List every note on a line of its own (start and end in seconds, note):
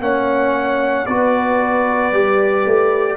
0.00 1.05 A#3
0.00 1.07 C#4
0.00 1.08 C#5
0.00 1.06 F#5
1.06 2.12 B3
1.06 2.13 F#4
1.06 3.18 B4
1.06 3.17 D5
2.12 2.65 G3
2.12 3.18 G4
2.65 3.18 A3